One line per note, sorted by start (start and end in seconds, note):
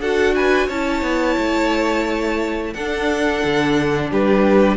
0.00 0.68 D4
0.00 0.71 F#4
0.00 0.35 A4
0.00 0.35 F#5
0.35 0.67 B4
0.35 0.69 G#5
0.67 1.02 C#4
0.67 2.75 E4
0.67 2.72 C#5
0.67 2.73 A5
1.02 1.36 B3
1.38 2.74 A3
2.73 3.42 D4
2.73 4.77 D4
2.73 4.11 A4
2.73 4.10 F#5
3.44 4.11 D3
4.11 4.77 G3
4.11 4.77 G4
4.11 4.77 B4